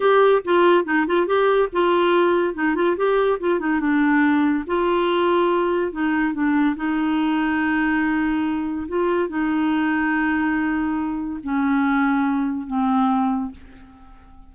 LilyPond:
\new Staff \with { instrumentName = "clarinet" } { \time 4/4 \tempo 4 = 142 g'4 f'4 dis'8 f'8 g'4 | f'2 dis'8 f'8 g'4 | f'8 dis'8 d'2 f'4~ | f'2 dis'4 d'4 |
dis'1~ | dis'4 f'4 dis'2~ | dis'2. cis'4~ | cis'2 c'2 | }